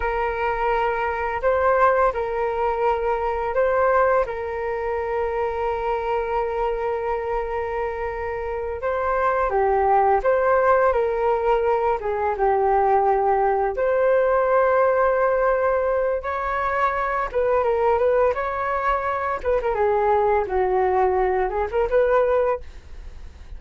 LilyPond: \new Staff \with { instrumentName = "flute" } { \time 4/4 \tempo 4 = 85 ais'2 c''4 ais'4~ | ais'4 c''4 ais'2~ | ais'1~ | ais'8 c''4 g'4 c''4 ais'8~ |
ais'4 gis'8 g'2 c''8~ | c''2. cis''4~ | cis''8 b'8 ais'8 b'8 cis''4. b'16 ais'16 | gis'4 fis'4. gis'16 ais'16 b'4 | }